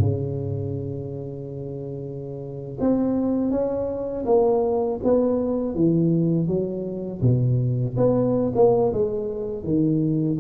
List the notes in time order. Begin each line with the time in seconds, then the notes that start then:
0.00 C#3
2.80 C4
3.51 C#4
4.26 A#3
5.04 B3
5.75 E3
6.47 F#3
7.22 B2
7.97 B3
8.55 A#3
8.93 G#3
9.64 D#3